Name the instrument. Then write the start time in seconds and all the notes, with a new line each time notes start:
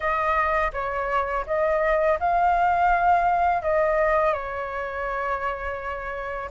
flute
0.00 D#5
0.72 C#5
1.46 D#5
2.19 F5
3.62 D#5
4.33 C#5